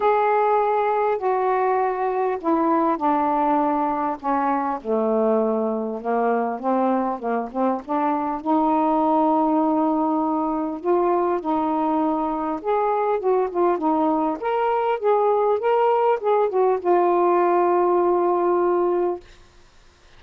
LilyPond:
\new Staff \with { instrumentName = "saxophone" } { \time 4/4 \tempo 4 = 100 gis'2 fis'2 | e'4 d'2 cis'4 | a2 ais4 c'4 | ais8 c'8 d'4 dis'2~ |
dis'2 f'4 dis'4~ | dis'4 gis'4 fis'8 f'8 dis'4 | ais'4 gis'4 ais'4 gis'8 fis'8 | f'1 | }